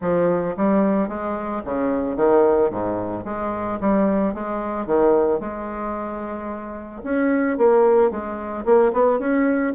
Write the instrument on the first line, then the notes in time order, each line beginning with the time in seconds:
bassoon
0.01 F3
0.56 G3
1.08 G#3
1.64 C#3
2.16 D#3
2.70 G#2
3.25 G#3
3.80 G3
4.33 G#3
4.86 D#3
5.39 G#3
7.03 C#4
7.57 A#3
8.10 G#3
8.65 A#3
8.92 B3
9.19 C#4